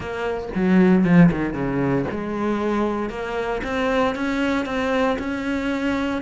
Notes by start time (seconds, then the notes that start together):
0.00 A#3
0.55 F#3
1.04 F3
1.31 D#3
1.53 C#3
2.11 G#3
3.09 A#3
3.63 C4
4.15 C#4
4.65 C4
5.18 C#4